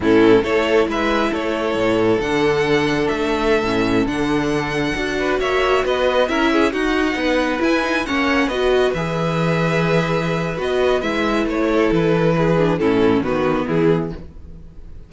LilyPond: <<
  \new Staff \with { instrumentName = "violin" } { \time 4/4 \tempo 4 = 136 a'4 cis''4 e''4 cis''4~ | cis''4 fis''2 e''4~ | e''4~ e''16 fis''2~ fis''8.~ | fis''16 e''4 dis''4 e''4 fis''8.~ |
fis''4~ fis''16 gis''4 fis''4 dis''8.~ | dis''16 e''2.~ e''8. | dis''4 e''4 cis''4 b'4~ | b'4 a'4 b'4 gis'4 | }
  \new Staff \with { instrumentName = "violin" } { \time 4/4 e'4 a'4 b'4 a'4~ | a'1~ | a'2.~ a'8. b'16~ | b'16 cis''4 b'4 ais'8 gis'8 fis'8.~ |
fis'16 b'2 cis''4 b'8.~ | b'1~ | b'2~ b'8 a'4. | gis'4 e'4 fis'4 e'4 | }
  \new Staff \with { instrumentName = "viola" } { \time 4/4 cis'4 e'2.~ | e'4 d'2.~ | d'16 cis'4 d'2 fis'8.~ | fis'2~ fis'16 e'4 dis'8.~ |
dis'4~ dis'16 e'8 dis'8 cis'4 fis'8.~ | fis'16 gis'2.~ gis'8. | fis'4 e'2.~ | e'8 d'8 cis'4 b2 | }
  \new Staff \with { instrumentName = "cello" } { \time 4/4 a,4 a4 gis4 a4 | a,4 d2 a4~ | a16 a,4 d2 d'8.~ | d'16 ais4 b4 cis'4 dis'8.~ |
dis'16 b4 e'4 ais4 b8.~ | b16 e2.~ e8. | b4 gis4 a4 e4~ | e4 a,4 dis4 e4 | }
>>